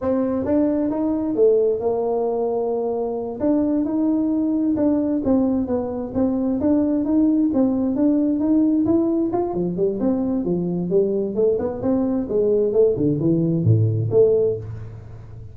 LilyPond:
\new Staff \with { instrumentName = "tuba" } { \time 4/4 \tempo 4 = 132 c'4 d'4 dis'4 a4 | ais2.~ ais8 d'8~ | d'8 dis'2 d'4 c'8~ | c'8 b4 c'4 d'4 dis'8~ |
dis'8 c'4 d'4 dis'4 e'8~ | e'8 f'8 f8 g8 c'4 f4 | g4 a8 b8 c'4 gis4 | a8 d8 e4 a,4 a4 | }